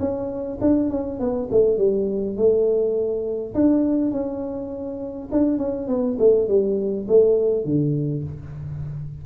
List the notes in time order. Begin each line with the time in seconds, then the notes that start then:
0.00 C#4
0.61 D4
0.91 C#4
1.20 B3
1.52 A3
1.78 G3
2.37 A3
3.55 D4
4.12 C#4
5.32 D4
5.59 C#4
5.88 B3
6.19 A3
6.48 G3
7.09 A3
7.65 D3